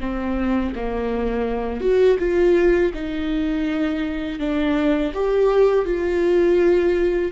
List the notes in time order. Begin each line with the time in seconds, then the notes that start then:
0.00 C4
0.75 A#3
1.80 F#4
2.19 F4
2.94 D#4
4.39 D4
5.14 G4
5.85 F4